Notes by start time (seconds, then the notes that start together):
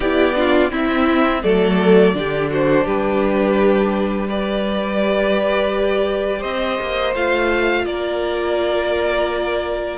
0.00 B3 E4 G4 D5
0.35 D4 F4
0.69 C4 E4 E5
1.42 F#3 A3 A4 D5
2.14 D3 D4 G4
2.50 F#4 C5
2.84 G3 G4 B4
4.28 G4 B4 D5
6.39 C4 C5 D#5
6.80 A#3
7.14 A3 F4 F5
7.85 A#3 A#4 D5